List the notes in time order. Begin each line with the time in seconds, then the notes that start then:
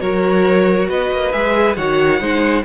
0.00 F#3 F#4 A#4 C#5
0.89 B3 B4 D#5
1.12 A#3
1.32 G#3 G#4 E5
1.75 D#3 F#4 C#5 F#5
2.20 G#3 D#4 C5